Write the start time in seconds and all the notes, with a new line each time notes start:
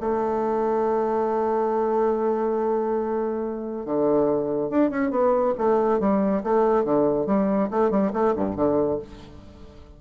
0.00 A3
3.85 D3
4.70 D4
4.90 C#4
5.11 B3
5.58 A3
6.00 G3
6.43 A3
6.84 D3
7.26 G3
7.70 A3
7.90 G3
8.13 A3
8.36 G2
8.56 D3